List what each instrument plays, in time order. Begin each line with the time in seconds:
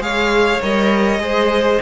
0.00 cello G#3, viola G#4, violin C#5 F5
0.62 cello G3, viola A#4, violin D#5
1.19 cello G#3, viola G#4, violin C5